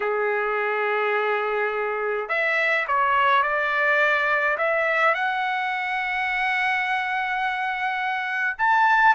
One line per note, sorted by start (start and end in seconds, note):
0.00 2.28 G#4
2.29 2.86 E5
2.87 3.42 C#5
3.42 4.57 D5
4.57 5.14 E5
5.14 8.57 F#5
8.57 9.15 A5